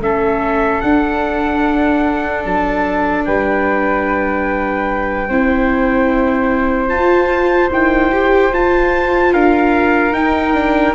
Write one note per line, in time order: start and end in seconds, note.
0.00 0.81 A3
0.00 0.82 C#4
0.00 3.27 A4
0.00 0.81 E5
0.81 5.28 D4
0.81 2.45 D4
0.81 2.43 F#5
2.45 3.26 F#3
2.45 3.25 A5
3.25 5.30 G3
3.25 5.29 B4
3.25 6.89 G5
5.29 6.92 C4
5.29 6.89 E4
5.29 9.34 C5
6.89 7.70 F4
6.89 7.70 A5
7.70 8.12 D#3
7.70 8.52 E4
7.70 8.54 G5
8.12 8.53 G4
8.53 9.33 F4
8.53 10.14 F4
8.53 9.34 A5
9.33 10.12 D4
9.33 10.96 A#4
9.33 10.14 F5
10.12 10.93 D#4
10.12 10.54 D#4
10.12 10.95 G5
10.54 10.95 D4